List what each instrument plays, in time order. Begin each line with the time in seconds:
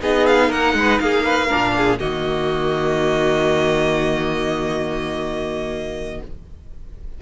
0.00 cello B3, viola D#4, violin G#4 D#5
0.27 violin F5
0.49 cello A#3, violin A#4 F#5
0.74 cello G#3, violin B4
1.00 cello A#3, violin G#4 F5
1.25 violin B4
1.47 viola D4, violin A#4
1.54 cello A#2
1.77 violin G#4
1.99 cello D#3, viola A#3, violin F#4 D#5